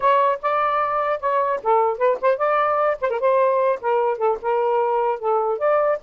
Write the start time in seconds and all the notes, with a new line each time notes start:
0.00 C#5
0.41 D5
1.19 C#5
1.62 A4
1.97 B4
2.21 C5
2.37 D5
3.01 C5
3.10 A#4
3.19 C5
3.81 A#4
4.18 A4
4.41 A#4
5.19 A4
5.58 D5